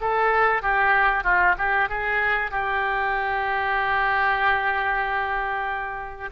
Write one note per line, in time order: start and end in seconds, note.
0.00 0.62 A4
0.62 1.23 G4
1.23 1.55 F4
1.57 1.89 G4
1.89 2.51 G#4
2.51 6.30 G4